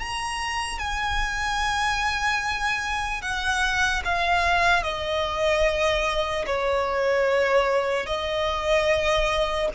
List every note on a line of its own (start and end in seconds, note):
0.00 0.79 A#5
0.79 3.22 G#5
3.22 4.03 F#5
4.05 4.84 F5
4.84 6.46 D#5
6.46 8.07 C#5
8.07 9.69 D#5